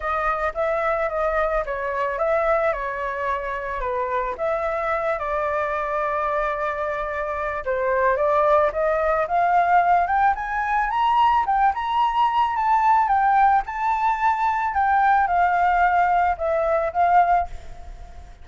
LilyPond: \new Staff \with { instrumentName = "flute" } { \time 4/4 \tempo 4 = 110 dis''4 e''4 dis''4 cis''4 | e''4 cis''2 b'4 | e''4. d''2~ d''8~ | d''2 c''4 d''4 |
dis''4 f''4. g''8 gis''4 | ais''4 g''8 ais''4. a''4 | g''4 a''2 g''4 | f''2 e''4 f''4 | }